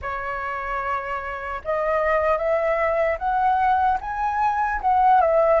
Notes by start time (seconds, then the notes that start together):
0.01 C#5
1.64 D#5
2.37 E5
3.18 F#5
4.00 G#5
4.81 F#5
5.20 E5